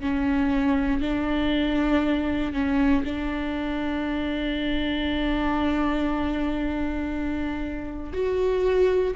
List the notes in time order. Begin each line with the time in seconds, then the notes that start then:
0.00 C#4
1.01 D4
2.52 C#4
3.05 D4
8.13 F#4